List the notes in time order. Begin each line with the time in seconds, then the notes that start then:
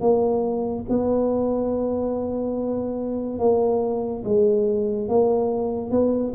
0.00 A#3
0.89 B3
3.38 A#3
4.24 G#3
5.08 A#3
5.90 B3